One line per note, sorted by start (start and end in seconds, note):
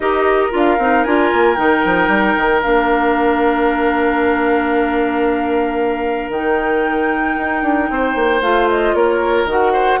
0.00 0.52 D#4
0.00 0.50 G4
0.00 7.90 A#4
0.00 0.52 D#5
0.50 0.78 D4
0.50 0.77 F4
0.57 1.04 F5
0.78 1.04 C4
0.78 1.06 D#4
1.04 1.32 D4
1.04 1.56 F4
1.04 1.55 G#5
1.32 1.58 A#3
1.55 1.84 D#3
1.55 2.61 D#4
1.55 2.61 G5
1.84 2.08 F3
2.08 2.34 G3
2.36 2.63 D#3
2.62 6.29 A#3
2.62 6.32 D4
2.62 6.30 F5
6.29 7.34 D#3
6.29 8.42 D#4
6.29 8.42 G5
7.37 7.62 D#4
7.62 7.88 D4
7.89 8.15 C4
7.89 8.95 C5
8.15 8.41 A#3
8.41 8.94 A3
8.41 9.47 F4
8.41 8.68 F5
8.69 8.94 D#5
8.94 9.45 A#3
8.94 9.72 A#4
8.94 9.47 C#5
9.45 9.98 D#3
9.45 10.00 F#4
9.45 10.00 F#5
9.72 9.99 C5